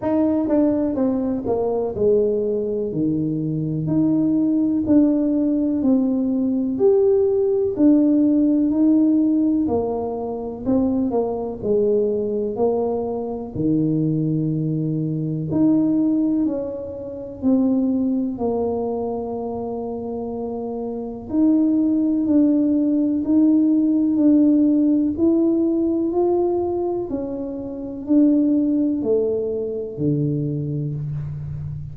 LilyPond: \new Staff \with { instrumentName = "tuba" } { \time 4/4 \tempo 4 = 62 dis'8 d'8 c'8 ais8 gis4 dis4 | dis'4 d'4 c'4 g'4 | d'4 dis'4 ais4 c'8 ais8 | gis4 ais4 dis2 |
dis'4 cis'4 c'4 ais4~ | ais2 dis'4 d'4 | dis'4 d'4 e'4 f'4 | cis'4 d'4 a4 d4 | }